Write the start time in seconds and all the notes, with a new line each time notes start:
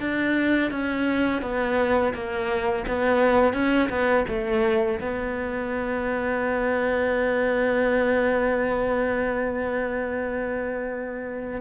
0.00 D4
0.71 C#4
1.42 B3
2.14 A#3
2.88 B3
3.54 C#4
3.89 B3
4.29 A3
5.01 B3